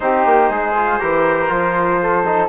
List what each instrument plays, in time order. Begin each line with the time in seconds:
0.00 bassoon C4, trombone D#4, flute G4, trumpet C5
0.25 bassoon A#3
0.49 bassoon G#3, flute G#4
0.75 trombone F4
0.99 bassoon E3, trombone G4, flute A#4
1.48 bassoon F3, trombone F4
2.02 flute A4
2.25 trombone D#4